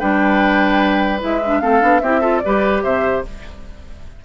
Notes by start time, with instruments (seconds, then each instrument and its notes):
0.00 bassoon G3, clarinet D4, oboe B4, flute G5
1.20 bassoon G#3, clarinet E4, flute E5
1.46 clarinet D4
1.61 bassoon A3, clarinet C4, oboe A4, flute F5
1.81 bassoon B3, clarinet D4
2.00 bassoon C4, clarinet E4, oboe G4, flute E5
2.21 clarinet F4, oboe A4
2.39 flute D5
2.45 bassoon G3, clarinet G4, oboe B4
2.83 bassoon C3, oboe C5, flute E5